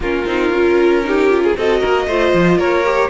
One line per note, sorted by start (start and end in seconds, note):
0.00 0.24 A#3
0.00 0.26 C#4
0.00 1.04 F4
0.00 1.57 A#4
0.25 0.49 C4
0.25 0.52 D#4
0.49 1.53 C#4
0.49 1.03 F4
1.03 1.29 D#4
1.03 1.44 G4
1.29 1.55 F4
1.44 1.57 G#4
1.56 1.82 C4
1.56 2.08 F#4
1.56 1.79 A4
1.56 2.59 D#5
1.79 2.06 A#3
1.79 2.05 A#4
2.06 2.32 A3
2.06 2.84 F4
2.06 2.57 C5
2.33 2.57 F3
2.57 3.09 A#3
2.57 3.09 A#4
2.57 3.10 C#5
2.84 3.10 G4